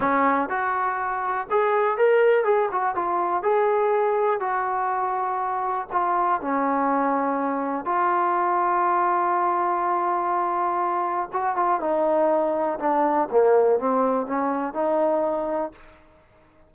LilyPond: \new Staff \with { instrumentName = "trombone" } { \time 4/4 \tempo 4 = 122 cis'4 fis'2 gis'4 | ais'4 gis'8 fis'8 f'4 gis'4~ | gis'4 fis'2. | f'4 cis'2. |
f'1~ | f'2. fis'8 f'8 | dis'2 d'4 ais4 | c'4 cis'4 dis'2 | }